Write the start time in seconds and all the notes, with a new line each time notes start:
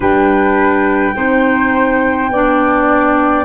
0.00 G3 D4 B4 G5
1.14 C4 D#4 C5
2.29 B3 D4 D5